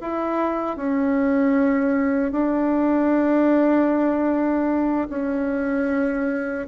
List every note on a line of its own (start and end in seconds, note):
0.00 0.76 E4
0.76 2.31 C#4
2.31 5.08 D4
5.09 6.67 C#4